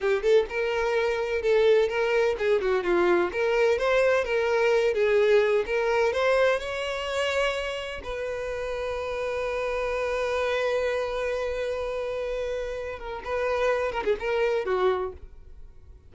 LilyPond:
\new Staff \with { instrumentName = "violin" } { \time 4/4 \tempo 4 = 127 g'8 a'8 ais'2 a'4 | ais'4 gis'8 fis'8 f'4 ais'4 | c''4 ais'4. gis'4. | ais'4 c''4 cis''2~ |
cis''4 b'2.~ | b'1~ | b'2.~ b'8 ais'8 | b'4. ais'16 gis'16 ais'4 fis'4 | }